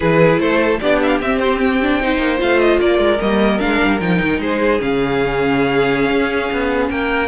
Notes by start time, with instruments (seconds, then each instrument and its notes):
0.00 cello E3, viola E4, violin G#4 B4
0.38 cello A3, violin A4 C5
0.80 cello B3, viola D4, violin G4 D5
1.02 violin E5 F5
1.20 cello C4, viola C4, violin E5
1.38 violin C5
1.60 violin G5
1.82 viola D4
2.00 viola D#4, violin C5
2.17 cello A#3
2.38 cello A3, viola F4, violin F5
2.59 violin D#5
2.80 cello A#3, violin A#4 D5
2.98 cello G#3
3.20 cello G3, viola A#3, violin D#5
3.59 cello G#3, viola D4, violin F5
3.83 cello G3
4.00 cello F3, viola D#4, violin G5
4.21 cello D#3
4.39 cello G#3, violin G#4 C5
4.79 cello C#3, viola C#4, violin F5
6.11 cello C#4
6.52 cello B3
6.89 cello A#3, violin A#4 G5